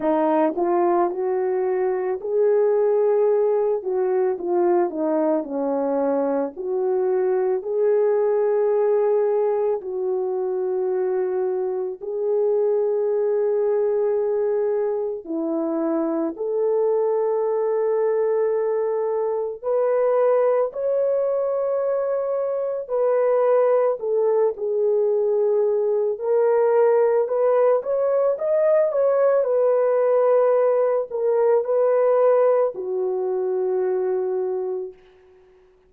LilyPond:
\new Staff \with { instrumentName = "horn" } { \time 4/4 \tempo 4 = 55 dis'8 f'8 fis'4 gis'4. fis'8 | f'8 dis'8 cis'4 fis'4 gis'4~ | gis'4 fis'2 gis'4~ | gis'2 e'4 a'4~ |
a'2 b'4 cis''4~ | cis''4 b'4 a'8 gis'4. | ais'4 b'8 cis''8 dis''8 cis''8 b'4~ | b'8 ais'8 b'4 fis'2 | }